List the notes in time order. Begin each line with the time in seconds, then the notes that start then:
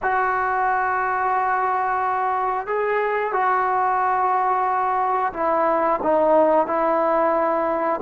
0.02 F#4
2.66 G#4
3.32 F#4
5.33 E4
6.02 D#4
6.67 E4